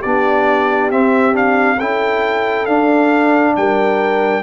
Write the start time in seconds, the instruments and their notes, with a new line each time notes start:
0.00 tuba B3, trombone D4, horn G4, trumpet D5
0.91 trombone C4, tuba C4, trumpet E5
1.33 trombone D4, trumpet F5
1.78 tuba C#4, trombone E4, horn A4, trumpet G5
2.66 tuba D4, trombone D4, trumpet F5
3.56 tuba G3, horn A#4, trumpet G5